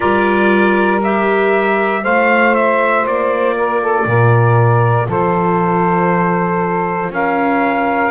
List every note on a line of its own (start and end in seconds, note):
0.00 2.04 G3
0.00 1.01 F4
0.00 2.01 A#4
0.00 1.01 D5
1.03 2.04 G4
1.03 2.04 E5
2.03 3.06 A3
2.03 8.11 F4
2.03 3.56 C5
2.03 2.54 F5
2.54 3.05 E5
3.06 4.05 A#3
3.06 5.10 D5
3.56 3.81 A#4
3.81 4.06 A4
4.05 5.07 A#2
4.05 5.07 A#4
5.07 7.09 F3
5.07 7.10 A4
5.07 7.13 C5
7.09 8.11 C#4
7.09 8.11 A#4
7.09 8.11 F5